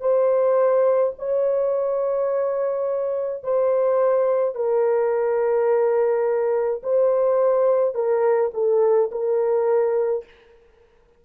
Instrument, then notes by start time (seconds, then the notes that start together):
horn
0.00 C5
1.18 C#5
3.43 C5
4.55 A#4
6.83 C5
7.95 A#4
8.54 A4
9.11 A#4